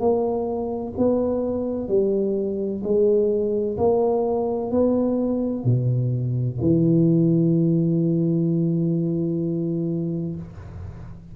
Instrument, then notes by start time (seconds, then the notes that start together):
tuba
0.00 A#3
0.98 B3
1.89 G3
2.84 G#3
3.78 A#3
4.71 B3
5.65 B2
6.61 E3